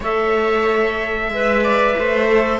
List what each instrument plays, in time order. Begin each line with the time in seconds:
0.00 cello A3, clarinet A4, viola C#5, trumpet E5
1.29 cello G#3, clarinet B4, viola E5
1.63 viola D5
1.98 cello A3, viola C5
2.27 clarinet A4